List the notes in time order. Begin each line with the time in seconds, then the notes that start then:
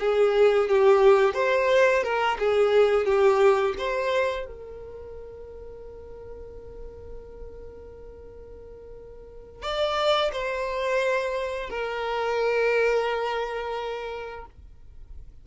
0.00 G#4
0.69 G4
1.34 C5
2.03 A#4
2.39 G#4
3.06 G4
3.78 C5
4.46 A#4
9.63 D5
10.32 C5
11.70 A#4